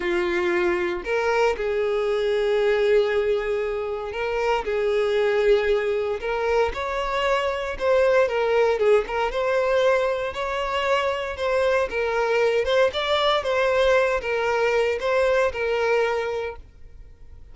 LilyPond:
\new Staff \with { instrumentName = "violin" } { \time 4/4 \tempo 4 = 116 f'2 ais'4 gis'4~ | gis'1 | ais'4 gis'2. | ais'4 cis''2 c''4 |
ais'4 gis'8 ais'8 c''2 | cis''2 c''4 ais'4~ | ais'8 c''8 d''4 c''4. ais'8~ | ais'4 c''4 ais'2 | }